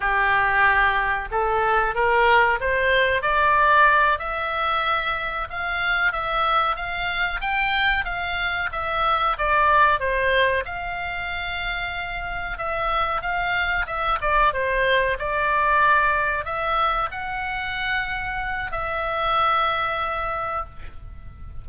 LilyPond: \new Staff \with { instrumentName = "oboe" } { \time 4/4 \tempo 4 = 93 g'2 a'4 ais'4 | c''4 d''4. e''4.~ | e''8 f''4 e''4 f''4 g''8~ | g''8 f''4 e''4 d''4 c''8~ |
c''8 f''2. e''8~ | e''8 f''4 e''8 d''8 c''4 d''8~ | d''4. e''4 fis''4.~ | fis''4 e''2. | }